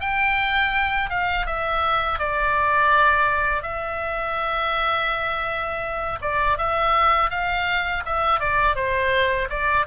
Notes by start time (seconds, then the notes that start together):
0.00 G5
1.09 F5
1.46 E5
2.19 D5
3.63 E5
6.21 D5
6.58 E5
7.30 F5
8.05 E5
8.39 D5
8.75 C5
9.49 D5